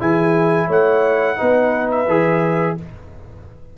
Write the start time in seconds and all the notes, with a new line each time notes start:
0.00 E3 E4 G#4 G#5
0.67 A3 C#5 F#5
1.37 B3 D#4 B4
1.91 E5
2.08 E3 G#4